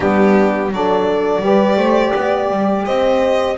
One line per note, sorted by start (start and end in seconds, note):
0.00 0.71 G3
0.00 0.72 B3
0.00 0.70 D4
0.00 0.72 G4
0.71 1.41 F#3
0.71 1.42 D4
0.71 1.43 A4
0.71 2.85 D5
1.41 1.76 G3
1.41 3.56 G4
1.41 1.77 B4
1.76 2.12 A3
1.76 2.12 C5
2.15 2.50 B3
2.15 2.86 D5
2.50 2.86 G3
2.85 3.57 C4
2.85 3.57 C5
2.85 3.56 D#5